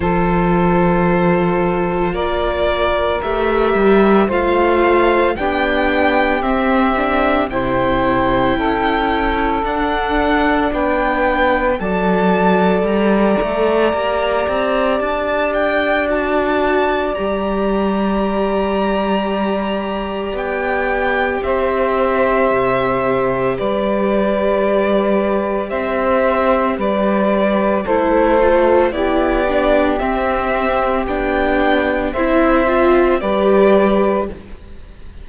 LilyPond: <<
  \new Staff \with { instrumentName = "violin" } { \time 4/4 \tempo 4 = 56 c''2 d''4 e''4 | f''4 g''4 e''4 g''4~ | g''4 fis''4 g''4 a''4 | ais''2 a''8 g''8 a''4 |
ais''2. g''4 | e''2 d''2 | e''4 d''4 c''4 d''4 | e''4 g''4 e''4 d''4 | }
  \new Staff \with { instrumentName = "saxophone" } { \time 4/4 a'2 ais'2 | c''4 g'2 c''4 | a'2 b'4 d''4~ | d''1~ |
d''1 | c''2 b'2 | c''4 b'4 a'4 g'4~ | g'2 c''4 b'4 | }
  \new Staff \with { instrumentName = "viola" } { \time 4/4 f'2. g'4 | f'4 d'4 c'8 d'8 e'4~ | e'4 d'2 a'4~ | a'4 g'2 fis'4 |
g'1~ | g'1~ | g'2 e'8 f'8 e'8 d'8 | c'4 d'4 e'8 f'8 g'4 | }
  \new Staff \with { instrumentName = "cello" } { \time 4/4 f2 ais4 a8 g8 | a4 b4 c'4 c4 | cis'4 d'4 b4 fis4 | g8 a8 ais8 c'8 d'2 |
g2. b4 | c'4 c4 g2 | c'4 g4 a4 b4 | c'4 b4 c'4 g4 | }
>>